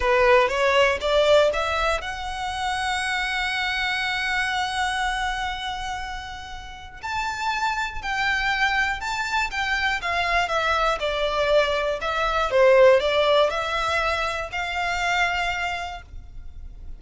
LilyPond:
\new Staff \with { instrumentName = "violin" } { \time 4/4 \tempo 4 = 120 b'4 cis''4 d''4 e''4 | fis''1~ | fis''1~ | fis''2 a''2 |
g''2 a''4 g''4 | f''4 e''4 d''2 | e''4 c''4 d''4 e''4~ | e''4 f''2. | }